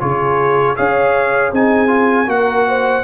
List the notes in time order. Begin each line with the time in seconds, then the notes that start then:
0.00 C#3 F4 G#4 C#5
0.76 C#4 G#4 C#5 F5
1.51 C4 D#4 G#4 G#5
1.88 F4
2.26 A#3 F#4 A#4 F#5
2.68 C5